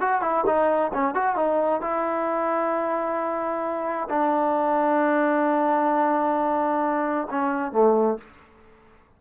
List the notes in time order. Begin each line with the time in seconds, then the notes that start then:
0.00 F#4
0.21 E4
0.46 D#4
0.93 C#4
1.14 F#4
1.36 D#4
1.81 E4
4.09 D4
7.30 C#4
7.72 A3